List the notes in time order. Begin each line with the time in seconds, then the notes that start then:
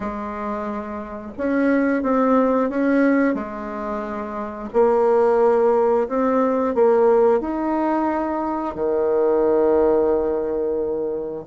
0.00 G#3
1.37 C#4
2.02 C4
2.69 C#4
3.34 G#3
4.73 A#3
6.08 C4
6.74 A#3
7.40 D#4
8.75 D#3